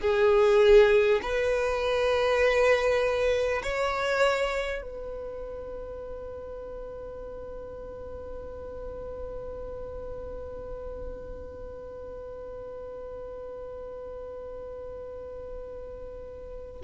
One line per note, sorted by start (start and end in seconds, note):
0.00 1.20 G#4
1.22 3.62 B4
3.62 4.82 C#5
4.82 16.82 B4